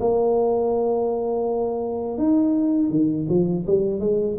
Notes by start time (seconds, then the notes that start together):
0.00 A#3
2.18 D#4
2.90 D#3
3.29 F3
3.67 G3
4.00 G#3